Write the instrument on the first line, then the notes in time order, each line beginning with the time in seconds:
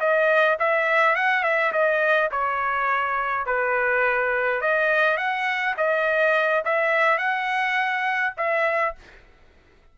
trumpet
0.00 D#5
0.59 E5
1.16 F#5
1.43 E5
1.72 D#5
2.31 C#5
3.46 B4
4.61 D#5
5.17 F#5
5.77 D#5
6.65 E5
7.18 F#5
8.37 E5